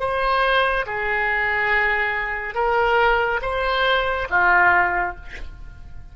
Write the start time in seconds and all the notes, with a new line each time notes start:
0.00 C5
0.87 G#4
2.55 A#4
3.42 C5
4.31 F4